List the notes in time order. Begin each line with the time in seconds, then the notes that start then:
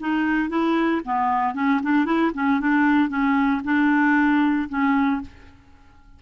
0.00 D#4
0.49 E4
1.05 B3
1.54 C#4
1.83 D4
2.05 E4
2.34 C#4
2.60 D4
3.09 C#4
3.64 D4
4.69 C#4